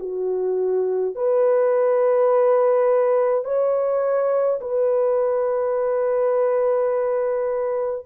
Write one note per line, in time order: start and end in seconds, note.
0.00 1.15 F#4
1.15 3.45 B4
3.45 4.60 C#5
4.62 8.07 B4